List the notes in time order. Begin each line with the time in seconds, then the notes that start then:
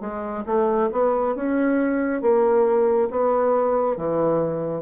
0.00 G#3
0.46 A3
0.91 B3
1.35 C#4
2.21 A#3
3.10 B3
3.96 E3